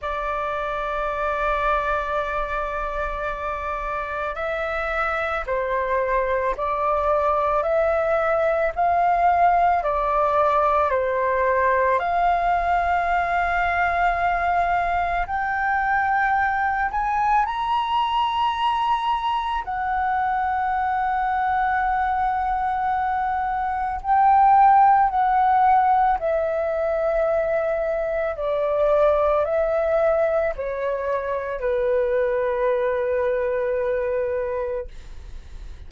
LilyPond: \new Staff \with { instrumentName = "flute" } { \time 4/4 \tempo 4 = 55 d''1 | e''4 c''4 d''4 e''4 | f''4 d''4 c''4 f''4~ | f''2 g''4. gis''8 |
ais''2 fis''2~ | fis''2 g''4 fis''4 | e''2 d''4 e''4 | cis''4 b'2. | }